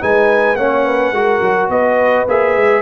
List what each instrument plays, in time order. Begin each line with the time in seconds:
0.00 tuba G#3, trombone D#4, horn B4, trumpet G#5
0.54 tuba A#3, trombone C#4, horn C#5, trumpet F#5
0.85 horn B4
1.11 tuba G#3, trombone F#4, horn A#4
1.41 tuba F#3
1.69 tuba B3, horn B4, trumpet D#5
2.28 tuba A#3, trombone G#4, trumpet E5
2.56 tuba G#3